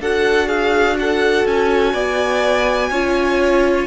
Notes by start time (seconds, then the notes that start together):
0.00 D4 F#4 A4 F#5
0.48 G#4 F5
0.99 A4 F#5
1.46 C#4 G#5
1.93 B3 D5
2.90 C#4 F4 C#5